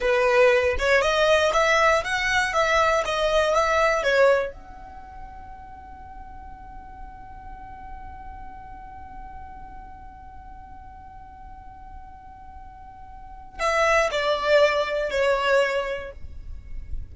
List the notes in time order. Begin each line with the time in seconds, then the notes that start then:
0.00 B4
0.78 C#5
1.01 D#5
1.53 E5
2.04 F#5
2.53 E5
3.05 D#5
3.54 E5
4.03 C#5
4.52 F#5
13.59 E5
14.11 D5
15.10 C#5